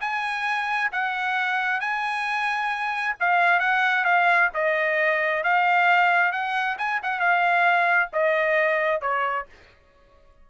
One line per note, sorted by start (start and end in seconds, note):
0.00 0.90 G#5
0.91 1.80 F#5
1.80 3.15 G#5
3.20 3.59 F5
3.59 4.04 F#5
4.04 4.49 F5
4.54 5.43 D#5
5.43 6.31 F5
6.31 6.76 F#5
6.78 7.00 G#5
7.02 7.19 F#5
7.19 8.09 F5
8.12 9.01 D#5
9.01 9.46 C#5